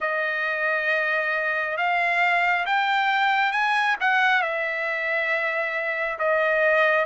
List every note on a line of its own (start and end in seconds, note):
0.00 1.77 D#5
1.77 2.65 F5
2.66 3.51 G5
3.51 3.95 G#5
4.00 4.42 F#5
4.42 6.18 E5
6.18 7.05 D#5